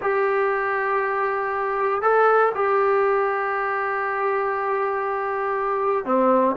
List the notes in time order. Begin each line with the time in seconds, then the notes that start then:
0.01 G4
2.01 A4
2.54 G4
6.05 C4